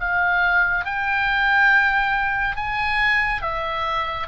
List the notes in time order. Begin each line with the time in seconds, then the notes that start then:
0.00 F5
0.85 G5
2.56 G#5
3.42 E5